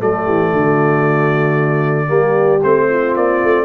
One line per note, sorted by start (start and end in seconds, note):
0.00 0.27 F#3
0.00 2.07 A3
0.00 0.25 A4
0.00 2.63 D5
0.25 0.53 E3
0.25 0.51 G4
0.53 2.10 D3
0.53 2.07 F#4
2.07 2.63 G3
2.07 2.59 A#3
2.07 2.86 G4
2.63 3.16 A3
2.63 3.65 C4
2.63 3.16 C5
2.90 3.65 F4
3.16 3.43 A#3
3.16 3.65 D5
3.43 3.65 A3